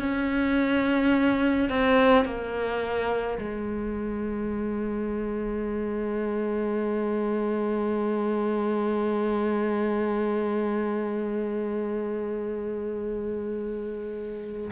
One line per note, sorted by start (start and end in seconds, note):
0.00 1.70 C#4
1.70 2.25 C4
2.25 3.39 A#3
3.39 14.71 G#3